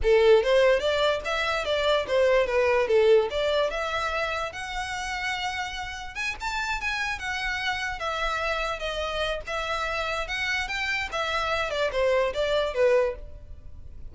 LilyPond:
\new Staff \with { instrumentName = "violin" } { \time 4/4 \tempo 4 = 146 a'4 c''4 d''4 e''4 | d''4 c''4 b'4 a'4 | d''4 e''2 fis''4~ | fis''2. gis''8 a''8~ |
a''8 gis''4 fis''2 e''8~ | e''4. dis''4. e''4~ | e''4 fis''4 g''4 e''4~ | e''8 d''8 c''4 d''4 b'4 | }